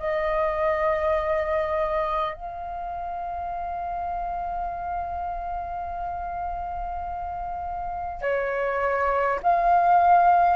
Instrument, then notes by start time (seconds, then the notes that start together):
flute
0.00 D#5
2.34 F5
8.22 C#5
9.43 F5